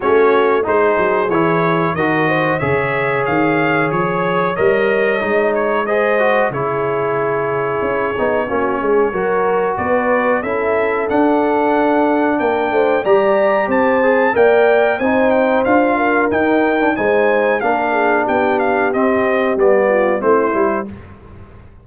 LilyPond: <<
  \new Staff \with { instrumentName = "trumpet" } { \time 4/4 \tempo 4 = 92 cis''4 c''4 cis''4 dis''4 | e''4 f''4 cis''4 dis''4~ | dis''8 cis''8 dis''4 cis''2~ | cis''2. d''4 |
e''4 fis''2 g''4 | ais''4 a''4 g''4 gis''8 g''8 | f''4 g''4 gis''4 f''4 | g''8 f''8 dis''4 d''4 c''4 | }
  \new Staff \with { instrumentName = "horn" } { \time 4/4 fis'4 gis'2 ais'8 c''8 | cis''1~ | cis''4 c''4 gis'2~ | gis'4 fis'8 gis'8 ais'4 b'4 |
a'2. ais'8 c''8 | d''4 c''4 d''4 c''4~ | c''8 ais'4. c''4 ais'8 gis'8 | g'2~ g'8 f'8 e'4 | }
  \new Staff \with { instrumentName = "trombone" } { \time 4/4 cis'4 dis'4 e'4 fis'4 | gis'2. ais'4 | dis'4 gis'8 fis'8 e'2~ | e'8 dis'8 cis'4 fis'2 |
e'4 d'2. | g'4. gis'8 ais'4 dis'4 | f'4 dis'8. d'16 dis'4 d'4~ | d'4 c'4 b4 c'8 e'8 | }
  \new Staff \with { instrumentName = "tuba" } { \time 4/4 a4 gis8 fis8 e4 dis4 | cis4 dis4 f4 g4 | gis2 cis2 | cis'8 b8 ais8 gis8 fis4 b4 |
cis'4 d'2 ais8 a8 | g4 c'4 ais4 c'4 | d'4 dis'4 gis4 ais4 | b4 c'4 g4 a8 g8 | }
>>